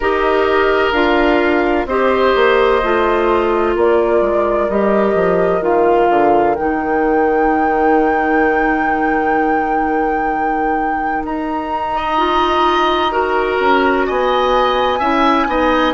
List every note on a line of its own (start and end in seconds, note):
0.00 0.92 D#4
0.00 0.94 G4
0.00 1.86 A#4
0.00 0.92 D#5
0.92 1.86 D4
0.92 1.87 F4
0.92 1.86 F5
1.86 2.33 C4
1.86 2.82 G4
1.86 3.75 C5
1.86 3.75 D#5
2.35 2.82 A#3
2.83 3.76 A3
2.83 4.70 F4
3.75 4.21 A#3
3.75 11.95 A#4
3.75 4.69 D5
4.21 4.68 G#3
4.69 5.14 G3
4.69 5.61 G4
4.69 5.63 D#5
5.14 5.61 F3
5.61 6.07 D#3
5.61 6.55 F4
5.61 6.55 F5
6.09 6.56 D3
6.55 11.24 D#3
6.55 12.17 D#4
6.55 11.23 G5
11.24 13.58 D#4
11.24 14.06 A#5
11.95 13.12 D#5
12.17 13.10 F4
13.10 14.98 F#4
13.10 14.05 A#4
13.59 14.06 C#4
14.06 15.00 B3
14.06 14.99 D#5
14.06 15.93 G#5
14.99 15.46 C#4
14.99 15.47 E4
14.99 15.46 E5
15.47 15.93 B3
15.47 15.93 D#4
15.47 15.93 D#5